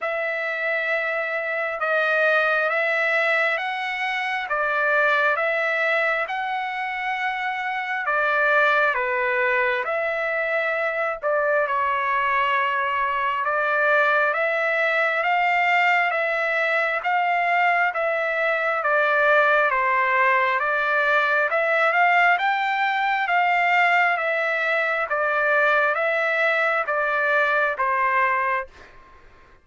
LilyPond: \new Staff \with { instrumentName = "trumpet" } { \time 4/4 \tempo 4 = 67 e''2 dis''4 e''4 | fis''4 d''4 e''4 fis''4~ | fis''4 d''4 b'4 e''4~ | e''8 d''8 cis''2 d''4 |
e''4 f''4 e''4 f''4 | e''4 d''4 c''4 d''4 | e''8 f''8 g''4 f''4 e''4 | d''4 e''4 d''4 c''4 | }